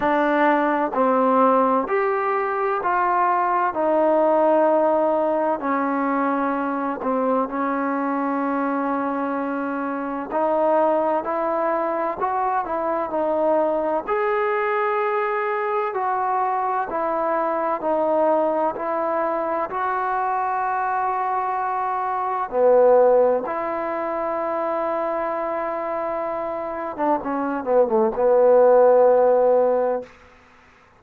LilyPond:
\new Staff \with { instrumentName = "trombone" } { \time 4/4 \tempo 4 = 64 d'4 c'4 g'4 f'4 | dis'2 cis'4. c'8 | cis'2. dis'4 | e'4 fis'8 e'8 dis'4 gis'4~ |
gis'4 fis'4 e'4 dis'4 | e'4 fis'2. | b4 e'2.~ | e'8. d'16 cis'8 b16 a16 b2 | }